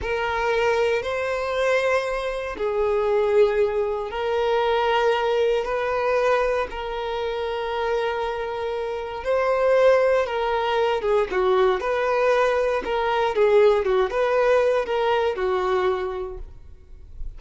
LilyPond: \new Staff \with { instrumentName = "violin" } { \time 4/4 \tempo 4 = 117 ais'2 c''2~ | c''4 gis'2. | ais'2. b'4~ | b'4 ais'2.~ |
ais'2 c''2 | ais'4. gis'8 fis'4 b'4~ | b'4 ais'4 gis'4 fis'8 b'8~ | b'4 ais'4 fis'2 | }